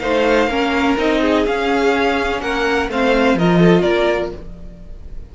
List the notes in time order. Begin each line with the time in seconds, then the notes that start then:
0.00 A3 D#4 C5 F5
0.47 A#3 C#4 A#4
0.97 C4 D#4 D#5
1.21 G#4
1.45 C#4 F5
2.40 A#3 A#4 F#5
2.89 A3 C4 C5 F5
3.35 F3 F4 A#4 D#5
3.59 A4
3.81 A#3 A#4 D5